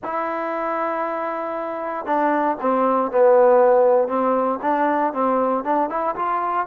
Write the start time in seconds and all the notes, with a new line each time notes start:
0.03 E4
2.05 D4
2.61 C4
3.11 B3
4.08 C4
4.62 D4
5.13 C4
5.63 D4
5.89 E4
6.15 F4